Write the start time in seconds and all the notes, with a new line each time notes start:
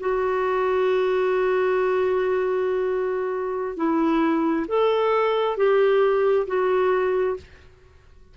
0.00 F#4
3.77 E4
4.68 A4
5.57 G4
6.47 F#4